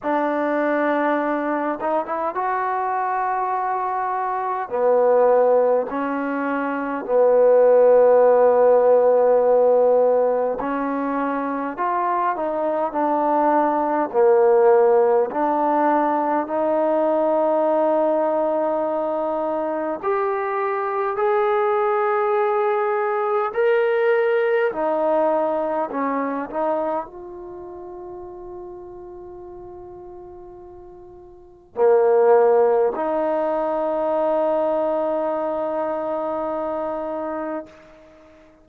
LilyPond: \new Staff \with { instrumentName = "trombone" } { \time 4/4 \tempo 4 = 51 d'4. dis'16 e'16 fis'2 | b4 cis'4 b2~ | b4 cis'4 f'8 dis'8 d'4 | ais4 d'4 dis'2~ |
dis'4 g'4 gis'2 | ais'4 dis'4 cis'8 dis'8 f'4~ | f'2. ais4 | dis'1 | }